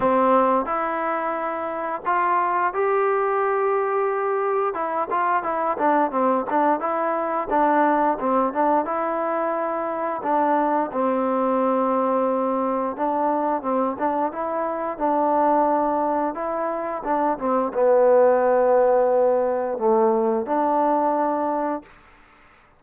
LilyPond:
\new Staff \with { instrumentName = "trombone" } { \time 4/4 \tempo 4 = 88 c'4 e'2 f'4 | g'2. e'8 f'8 | e'8 d'8 c'8 d'8 e'4 d'4 | c'8 d'8 e'2 d'4 |
c'2. d'4 | c'8 d'8 e'4 d'2 | e'4 d'8 c'8 b2~ | b4 a4 d'2 | }